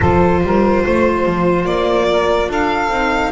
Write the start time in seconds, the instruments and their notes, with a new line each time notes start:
0.00 double bass F3, viola F4, saxophone A4, violin C5
0.43 double bass G3, saxophone A#4
0.82 double bass A3, saxophone C5
1.25 double bass F3
1.65 double bass A#3, violin D5
2.10 saxophone A#4
2.48 double bass D4, saxophone A4, violin F5
2.88 double bass C4, viola D#4